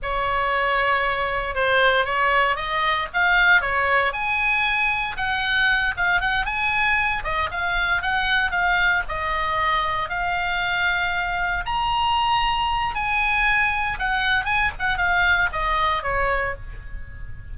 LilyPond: \new Staff \with { instrumentName = "oboe" } { \time 4/4 \tempo 4 = 116 cis''2. c''4 | cis''4 dis''4 f''4 cis''4 | gis''2 fis''4. f''8 | fis''8 gis''4. dis''8 f''4 fis''8~ |
fis''8 f''4 dis''2 f''8~ | f''2~ f''8 ais''4.~ | ais''4 gis''2 fis''4 | gis''8 fis''8 f''4 dis''4 cis''4 | }